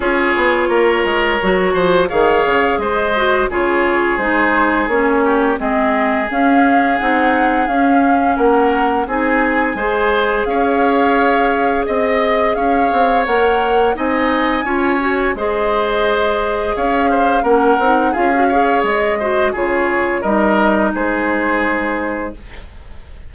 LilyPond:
<<
  \new Staff \with { instrumentName = "flute" } { \time 4/4 \tempo 4 = 86 cis''2. f''4 | dis''4 cis''4 c''4 cis''4 | dis''4 f''4 fis''4 f''4 | fis''4 gis''2 f''4~ |
f''4 dis''4 f''4 fis''4 | gis''2 dis''2 | f''4 fis''4 f''4 dis''4 | cis''4 dis''4 c''2 | }
  \new Staff \with { instrumentName = "oboe" } { \time 4/4 gis'4 ais'4. c''8 cis''4 | c''4 gis'2~ gis'8 g'8 | gis'1 | ais'4 gis'4 c''4 cis''4~ |
cis''4 dis''4 cis''2 | dis''4 cis''4 c''2 | cis''8 c''8 ais'4 gis'8 cis''4 c''8 | gis'4 ais'4 gis'2 | }
  \new Staff \with { instrumentName = "clarinet" } { \time 4/4 f'2 fis'4 gis'4~ | gis'8 fis'8 f'4 dis'4 cis'4 | c'4 cis'4 dis'4 cis'4~ | cis'4 dis'4 gis'2~ |
gis'2. ais'4 | dis'4 f'8 fis'8 gis'2~ | gis'4 cis'8 dis'8 f'16 fis'16 gis'4 fis'8 | f'4 dis'2. | }
  \new Staff \with { instrumentName = "bassoon" } { \time 4/4 cis'8 b8 ais8 gis8 fis8 f8 dis8 cis8 | gis4 cis4 gis4 ais4 | gis4 cis'4 c'4 cis'4 | ais4 c'4 gis4 cis'4~ |
cis'4 c'4 cis'8 c'8 ais4 | c'4 cis'4 gis2 | cis'4 ais8 c'8 cis'4 gis4 | cis4 g4 gis2 | }
>>